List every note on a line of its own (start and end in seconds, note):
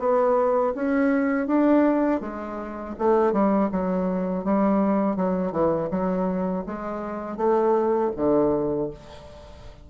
0.00 0.74 B3
0.75 1.47 C#4
1.47 2.21 D4
2.21 2.95 G#3
2.99 3.33 A3
3.33 3.70 G3
3.72 4.45 F#3
4.45 5.16 G3
5.16 5.52 F#3
5.52 5.89 E3
5.91 6.65 F#3
6.67 7.37 G#3
7.37 8.11 A3
8.17 8.91 D3